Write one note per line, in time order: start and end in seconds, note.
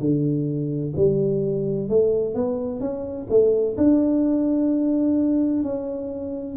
0.00 0.94 D3
0.97 1.90 G3
1.90 2.35 A3
2.35 2.81 B3
2.81 3.28 C#4
3.30 3.77 A3
3.78 5.63 D4
5.63 6.57 C#4